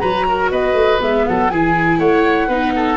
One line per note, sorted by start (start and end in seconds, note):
0.00 0.52 F#3
0.00 1.01 F#4
0.00 0.26 B4
0.00 0.50 A#5
0.29 0.51 A#4
0.51 0.74 B3
0.51 1.26 B4
0.51 1.01 D#5
0.74 0.99 A3
1.01 1.26 G#3
1.01 1.50 B3
1.01 1.27 E5
1.27 1.50 F#3
1.27 1.52 A4
1.27 1.50 F#5
1.50 1.99 E3
1.50 2.51 E4
1.50 1.99 G#4
1.50 1.99 G#5
1.99 2.48 A3
1.99 2.48 C#5
1.99 2.97 F#5
2.48 2.97 B3
2.48 2.97 D#4
2.48 2.73 B4
2.76 2.97 A4